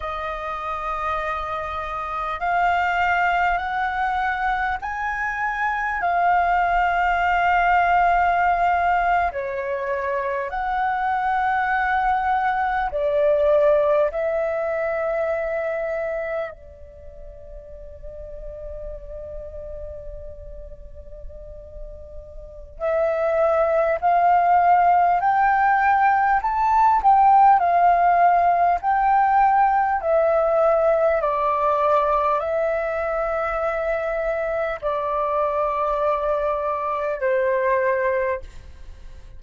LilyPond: \new Staff \with { instrumentName = "flute" } { \time 4/4 \tempo 4 = 50 dis''2 f''4 fis''4 | gis''4 f''2~ f''8. cis''16~ | cis''8. fis''2 d''4 e''16~ | e''4.~ e''16 d''2~ d''16~ |
d''2. e''4 | f''4 g''4 a''8 g''8 f''4 | g''4 e''4 d''4 e''4~ | e''4 d''2 c''4 | }